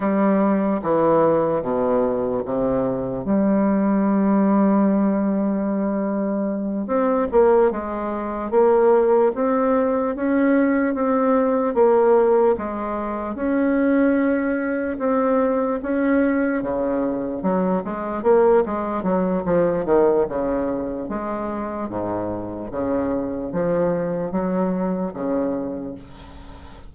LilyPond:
\new Staff \with { instrumentName = "bassoon" } { \time 4/4 \tempo 4 = 74 g4 e4 b,4 c4 | g1~ | g8 c'8 ais8 gis4 ais4 c'8~ | c'8 cis'4 c'4 ais4 gis8~ |
gis8 cis'2 c'4 cis'8~ | cis'8 cis4 fis8 gis8 ais8 gis8 fis8 | f8 dis8 cis4 gis4 gis,4 | cis4 f4 fis4 cis4 | }